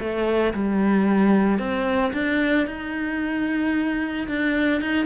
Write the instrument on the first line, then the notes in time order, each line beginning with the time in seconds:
cello
0.00 A3
0.54 G3
1.59 C4
2.14 D4
2.67 D#4
4.29 D4
4.82 D#4